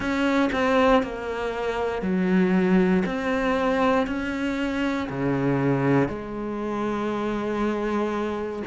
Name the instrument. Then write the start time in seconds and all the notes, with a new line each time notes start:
cello
0.00 C#4
0.52 C4
1.03 A#3
2.02 F#3
3.05 C4
4.06 C#4
5.08 C#3
6.08 G#3